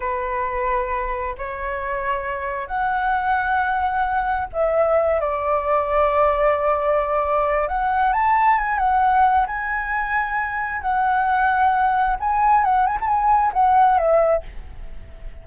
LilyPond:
\new Staff \with { instrumentName = "flute" } { \time 4/4 \tempo 4 = 133 b'2. cis''4~ | cis''2 fis''2~ | fis''2 e''4. d''8~ | d''1~ |
d''4 fis''4 a''4 gis''8 fis''8~ | fis''4 gis''2. | fis''2. gis''4 | fis''8 gis''16 a''16 gis''4 fis''4 e''4 | }